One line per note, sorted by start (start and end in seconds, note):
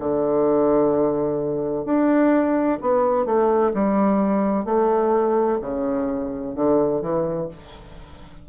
0.00 1.85 D3
1.85 2.79 D4
2.82 3.26 B3
3.26 3.73 A3
3.75 4.65 G3
4.65 5.59 A3
5.62 6.55 C#3
6.55 7.02 D3
7.02 7.49 E3